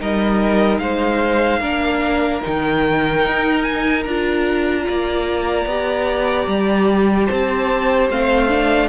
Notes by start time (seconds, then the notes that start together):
0.00 G3 D#4 A#4 D#5
0.79 G#3 C5 F5
1.60 A#3 D4 A#4
2.42 D#3 D#4 G5
3.26 D#4
3.63 G#5
4.04 D4 F4 A#5
4.88 A#3 D5
5.66 B3 G4
6.47 G3
7.26 C4 C5 A5
8.10 A3 C4 F5
8.49 D4